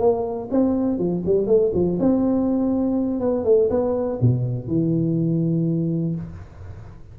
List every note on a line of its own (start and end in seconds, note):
0.00 0.49 A#3
0.51 0.99 C4
0.99 1.23 F3
1.26 1.47 G3
1.47 1.72 A3
1.74 1.99 F3
2.00 3.20 C4
3.20 3.45 B3
3.45 3.69 A3
3.71 4.20 B3
4.22 4.68 B2
4.68 6.15 E3